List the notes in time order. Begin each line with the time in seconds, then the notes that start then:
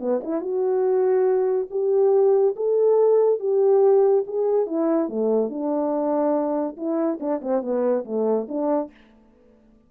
0.00 B3
0.23 E4
0.41 F#4
1.71 G4
2.56 A4
3.40 G4
4.27 G#4
4.66 E4
5.09 A3
5.49 D4
6.77 E4
7.20 D4
7.42 C4
7.62 B3
8.05 A3
8.48 D4